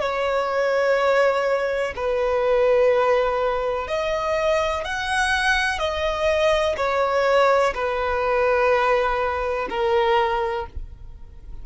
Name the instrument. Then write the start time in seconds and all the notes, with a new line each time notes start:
violin
0.00 C#5
1.95 B4
3.88 D#5
4.84 F#5
5.78 D#5
6.77 C#5
7.74 B4
9.69 A#4